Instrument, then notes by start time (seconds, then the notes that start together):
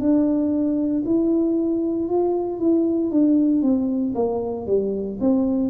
tuba
0.00 D4
1.05 E4
2.08 F4
2.59 E4
3.11 D4
3.62 C4
4.15 A#3
4.66 G3
5.21 C4